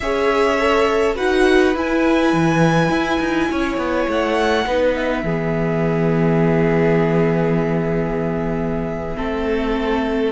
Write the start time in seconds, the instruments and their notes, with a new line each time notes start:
0.00 cello C#4, viola G#4, violin C#5 E5
0.58 viola A4
1.15 cello D#4, viola F#4, violin B4 F#5
1.74 cello E4, viola E4, violin G#5
2.33 cello E3
2.89 cello E4
3.20 cello D#4
3.50 cello C#4, violin C#5
3.77 cello B3
4.07 cello A3, violin F#5
4.66 cello B3, viola D#4, violin B4
4.95 violin E5
5.23 cello E3, viola B3, violin G#4
9.15 cello A3, viola C4, violin A4